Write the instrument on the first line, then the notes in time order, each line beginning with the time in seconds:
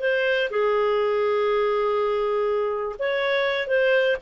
clarinet
0.00 C5
0.50 G#4
2.99 C#5
3.68 C5